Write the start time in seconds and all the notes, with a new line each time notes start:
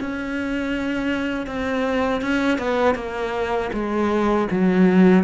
0.00 C#4
1.47 C4
2.21 C#4
2.58 B3
2.95 A#3
3.73 G#3
4.51 F#3